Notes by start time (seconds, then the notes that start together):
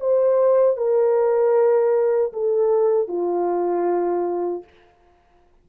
0.00 C5
0.77 A#4
2.33 A4
3.08 F4